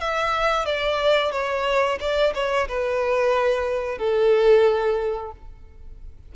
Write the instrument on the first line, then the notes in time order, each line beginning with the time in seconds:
violin
0.00 E5
0.65 D5
1.32 C#5
2.00 D5
2.35 C#5
2.68 B4
3.98 A4